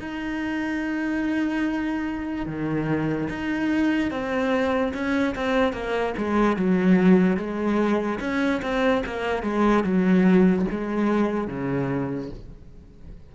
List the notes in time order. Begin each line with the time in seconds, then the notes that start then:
0.00 D#4
2.47 D#3
3.30 D#4
4.11 C4
4.94 C#4
5.35 C4
5.73 A#3
6.18 G#3
6.57 F#3
7.37 G#3
8.20 C#4
8.63 C4
9.06 A#3
9.43 G#3
9.84 F#3
10.71 G#3
11.48 C#3